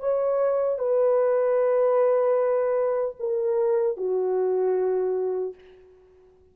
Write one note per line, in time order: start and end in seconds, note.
0.00 0.79 C#5
0.79 3.16 B4
3.20 3.97 A#4
3.97 5.55 F#4